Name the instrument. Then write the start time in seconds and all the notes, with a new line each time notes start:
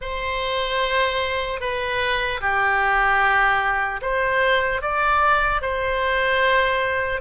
oboe
0.01 C5
1.60 B4
2.40 G4
4.01 C5
4.81 D5
5.61 C5